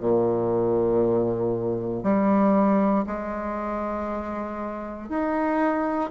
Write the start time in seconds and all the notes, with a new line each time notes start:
0.00 A#2
2.03 G3
3.06 G#3
5.09 D#4